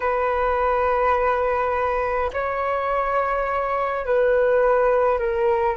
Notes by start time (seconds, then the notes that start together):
0.00 B4
2.33 C#5
4.05 B4
5.19 A#4